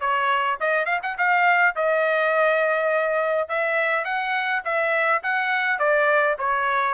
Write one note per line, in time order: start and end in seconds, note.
0.00 0.58 C#5
0.60 0.85 D#5
0.85 1.00 F5
1.02 1.17 F#5
1.17 1.75 F5
1.75 3.48 D#5
3.48 4.04 E5
4.04 4.62 F#5
4.64 5.22 E5
5.23 5.79 F#5
5.79 6.36 D5
6.39 6.94 C#5